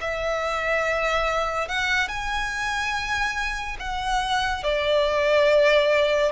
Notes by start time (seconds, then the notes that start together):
0.00 E5
1.68 F#5
2.07 G#5
3.79 F#5
4.63 D5